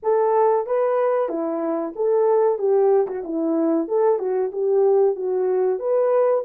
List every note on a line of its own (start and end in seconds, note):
0.03 0.66 A4
0.66 1.28 B4
1.28 1.93 E4
1.95 2.58 A4
2.58 3.06 G4
3.07 3.23 F#4
3.23 3.88 E4
3.88 4.18 A4
4.18 4.51 F#4
4.52 5.15 G4
5.15 5.79 F#4
5.79 6.43 B4